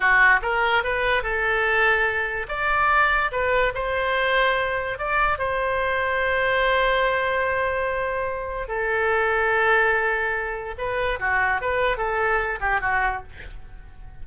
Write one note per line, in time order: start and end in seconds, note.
0.00 0.40 F#4
0.42 0.83 A#4
0.83 1.22 B4
1.22 2.47 A4
2.48 3.31 D5
3.31 3.73 B4
3.74 4.98 C5
4.98 5.38 D5
5.38 8.67 C5
8.67 10.74 A4
10.78 11.19 B4
11.19 11.61 F#4
11.61 11.97 B4
11.97 12.59 A4
12.60 12.81 G4
12.81 13.22 F#4